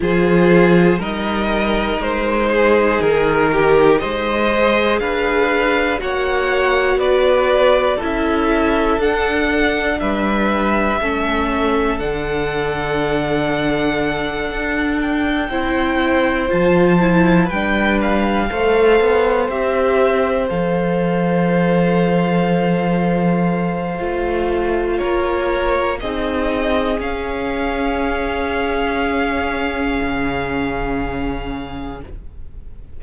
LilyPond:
<<
  \new Staff \with { instrumentName = "violin" } { \time 4/4 \tempo 4 = 60 c''4 dis''4 c''4 ais'4 | dis''4 f''4 fis''4 d''4 | e''4 fis''4 e''2 | fis''2. g''4~ |
g''8 a''4 g''8 f''4. e''8~ | e''8 f''2.~ f''8~ | f''4 cis''4 dis''4 f''4~ | f''1 | }
  \new Staff \with { instrumentName = "violin" } { \time 4/4 gis'4 ais'4. gis'4 g'8 | c''4 b'4 cis''4 b'4 | a'2 b'4 a'4~ | a'2.~ a'8 c''8~ |
c''4. b'4 c''4.~ | c''1~ | c''4 ais'4 gis'2~ | gis'1 | }
  \new Staff \with { instrumentName = "viola" } { \time 4/4 f'4 dis'2.~ | dis'8 gis'4. fis'2 | e'4 d'2 cis'4 | d'2.~ d'8 e'8~ |
e'8 f'8 e'8 d'4 a'4 g'8~ | g'8 a'2.~ a'8 | f'2 dis'4 cis'4~ | cis'1 | }
  \new Staff \with { instrumentName = "cello" } { \time 4/4 f4 g4 gis4 dis4 | gis4 d'4 ais4 b4 | cis'4 d'4 g4 a4 | d2~ d8 d'4 c'8~ |
c'8 f4 g4 a8 b8 c'8~ | c'8 f2.~ f8 | a4 ais4 c'4 cis'4~ | cis'2 cis2 | }
>>